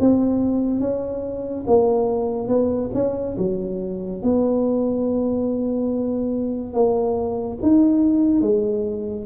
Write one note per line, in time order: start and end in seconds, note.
0.00 0.80 C4
0.80 1.64 C#4
1.67 2.48 A#3
2.48 2.90 B3
2.94 3.36 C#4
3.38 4.22 F#3
4.22 6.73 B3
6.73 7.58 A#3
7.62 8.41 D#4
8.41 9.25 G#3